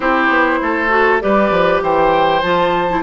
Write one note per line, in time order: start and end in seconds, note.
0.00 0.28 C4
0.00 0.89 E4
0.00 0.59 G4
0.00 1.20 C5
0.28 0.59 B3
0.61 1.22 A3
0.61 1.22 A4
0.89 1.19 F#4
1.20 1.50 G3
1.20 2.41 G4
1.20 1.83 B4
1.20 1.81 D5
1.50 1.81 F3
1.81 2.42 E3
1.81 3.02 C5
1.81 2.41 G5
2.41 3.02 F3
2.41 2.88 F4
2.41 3.02 A5
2.88 3.02 E4